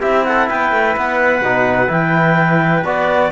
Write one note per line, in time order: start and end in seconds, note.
0.00 0.49 C4
0.00 1.42 E4
0.00 0.24 G4
0.00 0.24 E5
0.24 0.49 A4
0.24 0.48 F#5
0.49 0.72 B3
0.49 3.31 B4
0.49 0.96 G5
0.72 0.95 A3
0.96 1.41 B3
0.96 1.91 F#5
1.41 1.88 B2
1.41 1.87 D#4
1.87 2.84 E3
1.87 2.82 E4
1.87 2.85 G5
2.84 3.31 B3
2.84 3.31 F#4
2.84 3.31 D5